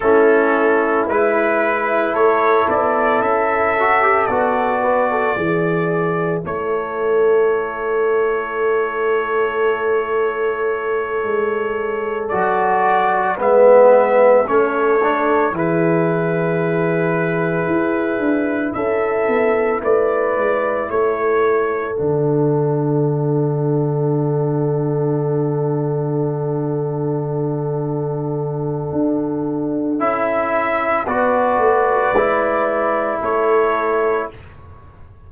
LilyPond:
<<
  \new Staff \with { instrumentName = "trumpet" } { \time 4/4 \tempo 4 = 56 a'4 b'4 cis''8 d''8 e''4 | d''2 cis''2~ | cis''2.~ cis''8 d''8~ | d''8 e''4 cis''4 b'4.~ |
b'4. e''4 d''4 cis''8~ | cis''8 fis''2.~ fis''8~ | fis''1 | e''4 d''2 cis''4 | }
  \new Staff \with { instrumentName = "horn" } { \time 4/4 e'2 a'2~ | a'8 b'16 a'16 gis'4 a'2~ | a'1~ | a'8 b'4 a'4 gis'4.~ |
gis'4. a'4 b'4 a'8~ | a'1~ | a'1~ | a'4 b'2 a'4 | }
  \new Staff \with { instrumentName = "trombone" } { \time 4/4 cis'4 e'2~ e'8 fis'16 g'16 | fis'4 e'2.~ | e'2.~ e'8 fis'8~ | fis'8 b4 cis'8 d'8 e'4.~ |
e'1~ | e'8 d'2.~ d'8~ | d'1 | e'4 fis'4 e'2 | }
  \new Staff \with { instrumentName = "tuba" } { \time 4/4 a4 gis4 a8 b8 cis'4 | b4 e4 a2~ | a2~ a8 gis4 fis8~ | fis8 gis4 a4 e4.~ |
e8 e'8 d'8 cis'8 b8 a8 gis8 a8~ | a8 d2.~ d8~ | d2. d'4 | cis'4 b8 a8 gis4 a4 | }
>>